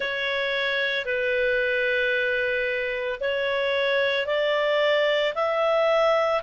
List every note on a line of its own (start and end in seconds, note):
0.00 1.05 C#5
1.05 3.19 B4
3.20 4.26 C#5
4.26 5.33 D5
5.34 6.41 E5